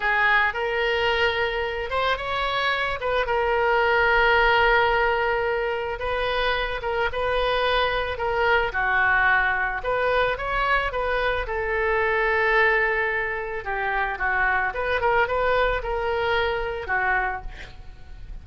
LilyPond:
\new Staff \with { instrumentName = "oboe" } { \time 4/4 \tempo 4 = 110 gis'4 ais'2~ ais'8 c''8 | cis''4. b'8 ais'2~ | ais'2. b'4~ | b'8 ais'8 b'2 ais'4 |
fis'2 b'4 cis''4 | b'4 a'2.~ | a'4 g'4 fis'4 b'8 ais'8 | b'4 ais'2 fis'4 | }